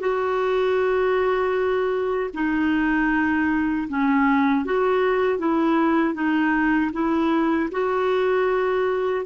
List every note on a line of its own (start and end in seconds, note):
0.00 2.31 F#4
2.34 3.88 D#4
3.89 4.65 C#4
4.65 5.39 F#4
5.39 6.14 E4
6.14 6.91 D#4
6.93 7.70 E4
7.72 9.26 F#4